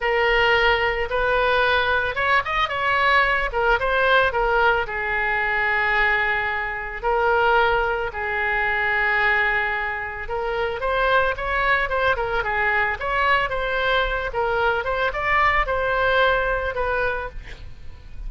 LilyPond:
\new Staff \with { instrumentName = "oboe" } { \time 4/4 \tempo 4 = 111 ais'2 b'2 | cis''8 dis''8 cis''4. ais'8 c''4 | ais'4 gis'2.~ | gis'4 ais'2 gis'4~ |
gis'2. ais'4 | c''4 cis''4 c''8 ais'8 gis'4 | cis''4 c''4. ais'4 c''8 | d''4 c''2 b'4 | }